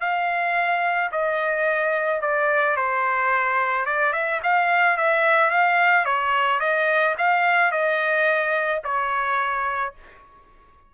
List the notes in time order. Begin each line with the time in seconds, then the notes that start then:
0.00 F5
1.11 D#5
2.21 D5
2.76 C5
3.86 D5
4.13 E5
4.43 F5
4.97 E5
5.50 F5
6.05 C#5
6.60 D#5
7.18 F5
7.71 D#5
8.84 C#5